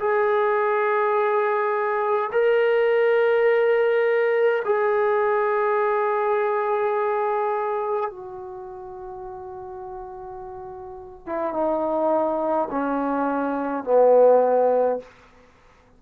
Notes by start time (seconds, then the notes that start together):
0.00 G#4
2.32 A#4
4.65 G#4
8.11 F#4
11.27 E4
11.53 D#4
12.71 C#4
13.85 B3